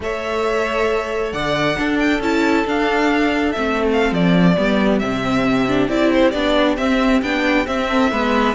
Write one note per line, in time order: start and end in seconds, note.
0.00 1.32 A3
0.00 1.76 A4
0.00 1.33 C#5
0.00 1.32 E5
1.32 1.77 D3
1.32 1.77 D5
1.32 1.98 F#5
1.76 2.21 D4
1.76 2.19 D4
1.76 4.56 A4
1.99 2.21 G5
2.19 2.64 C#4
2.19 2.65 E4
2.19 2.67 A5
2.65 3.54 D4
2.65 3.55 D4
2.65 3.52 F5
3.52 4.11 A3
3.52 4.56 C4
3.52 3.85 E5
3.92 4.13 F5
4.11 4.56 F3
4.11 4.98 D5
4.56 5.02 G3
4.56 5.01 B3
4.56 7.87 G4
4.98 5.88 C3
4.98 5.68 C4
4.98 5.87 E5
5.68 5.88 D4
5.88 6.33 C4
5.88 6.33 E4
5.88 6.11 D5
6.13 6.31 C5
6.31 6.77 B3
6.31 6.77 D4
6.31 6.75 D5
6.77 7.21 C4
6.77 7.22 C4
6.77 7.21 E5
7.22 7.66 B3
7.22 7.65 D4
7.22 7.66 G5
7.65 8.10 C4
7.65 8.11 C4
7.65 8.55 E5
7.87 8.10 A4
8.11 8.55 G#3
8.11 8.55 B3
8.11 8.55 B4